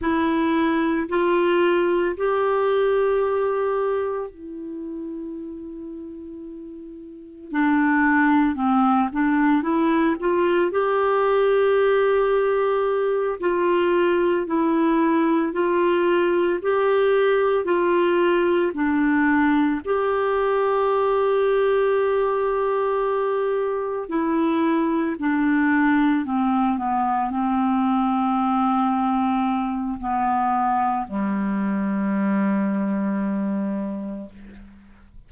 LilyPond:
\new Staff \with { instrumentName = "clarinet" } { \time 4/4 \tempo 4 = 56 e'4 f'4 g'2 | e'2. d'4 | c'8 d'8 e'8 f'8 g'2~ | g'8 f'4 e'4 f'4 g'8~ |
g'8 f'4 d'4 g'4.~ | g'2~ g'8 e'4 d'8~ | d'8 c'8 b8 c'2~ c'8 | b4 g2. | }